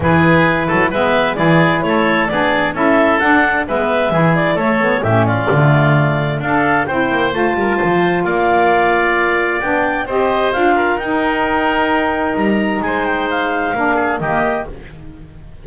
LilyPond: <<
  \new Staff \with { instrumentName = "clarinet" } { \time 4/4 \tempo 4 = 131 b'2 e''4 d''4 | cis''4 d''4 e''4 fis''4 | e''4. d''8 cis''4 e''8 d''8~ | d''2 f''4 g''4 |
a''2 f''2~ | f''4 g''4 dis''4 f''4 | g''2. ais''4 | gis''8 g''8 f''2 dis''4 | }
  \new Staff \with { instrumentName = "oboe" } { \time 4/4 gis'4. a'8 b'4 gis'4 | a'4 gis'4 a'2 | b'4 gis'4 a'4 g'8 f'8~ | f'2 a'4 c''4~ |
c''8 ais'8 c''4 d''2~ | d''2 c''4. ais'8~ | ais'1 | c''2 ais'8 gis'8 g'4 | }
  \new Staff \with { instrumentName = "saxophone" } { \time 4/4 e'2 b4 e'4~ | e'4 d'4 e'4 d'4 | b4 e'4 a8 b8 cis'4 | a2 d'4 e'4 |
f'1~ | f'4 d'4 g'4 f'4 | dis'1~ | dis'2 d'4 ais4 | }
  \new Staff \with { instrumentName = "double bass" } { \time 4/4 e4. fis8 gis4 e4 | a4 b4 cis'4 d'4 | gis4 e4 a4 a,4 | d2 d'4 c'8 ais8 |
a8 g8 f4 ais2~ | ais4 b4 c'4 d'4 | dis'2. g4 | gis2 ais4 dis4 | }
>>